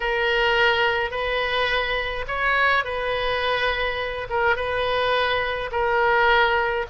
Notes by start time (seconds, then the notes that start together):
0.00 A#4
1.11 B4
2.27 C#5
2.84 B4
4.29 A#4
4.56 B4
5.71 A#4